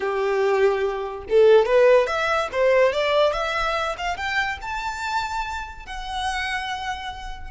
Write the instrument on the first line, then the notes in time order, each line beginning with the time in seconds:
violin
0.00 G4
1.29 A4
1.65 B4
2.07 E5
2.52 C5
2.92 D5
3.33 E5
3.97 F5
4.16 G5
4.61 A5
5.86 F#5